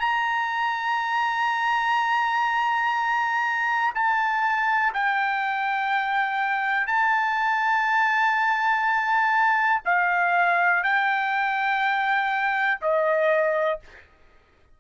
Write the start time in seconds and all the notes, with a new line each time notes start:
0.00 A#5
3.95 A5
4.94 G5
6.87 A5
9.85 F5
10.83 G5
12.81 D#5